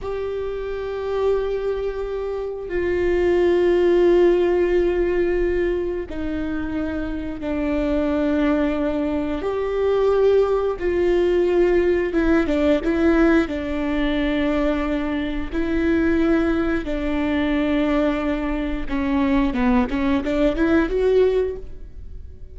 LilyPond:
\new Staff \with { instrumentName = "viola" } { \time 4/4 \tempo 4 = 89 g'1 | f'1~ | f'4 dis'2 d'4~ | d'2 g'2 |
f'2 e'8 d'8 e'4 | d'2. e'4~ | e'4 d'2. | cis'4 b8 cis'8 d'8 e'8 fis'4 | }